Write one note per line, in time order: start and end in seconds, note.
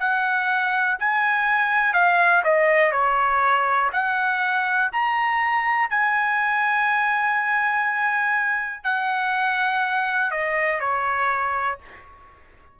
0.00 0.98 F#5
1.00 1.94 G#5
1.94 2.43 F5
2.44 2.92 D#5
2.92 3.91 C#5
3.93 4.91 F#5
4.93 5.90 A#5
5.90 8.84 G#5
8.84 10.32 F#5
10.32 10.81 D#5
10.81 11.79 C#5